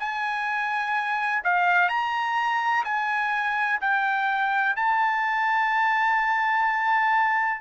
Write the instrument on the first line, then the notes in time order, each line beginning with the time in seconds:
trumpet
0.00 G#5
1.44 F5
1.89 A#5
2.85 G#5
3.81 G5
4.76 A5